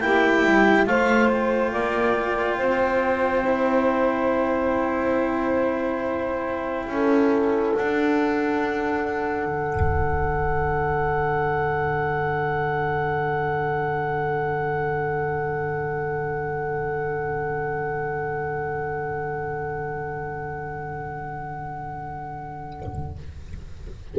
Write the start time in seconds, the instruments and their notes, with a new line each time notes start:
0.00 double bass A#3, cello E4, saxophone G4, clarinet G5
0.44 double bass G3
0.86 double bass A3, cello F4, saxophone C5, clarinet F5
1.29 clarinet G5
1.71 double bass A#3, saxophone D5
2.57 double bass C4, saxophone C5
3.44 cello E4
6.87 double bass C#4, saxophone A4
7.72 cello D4, double bass D4, clarinet F#5
9.45 double bass D3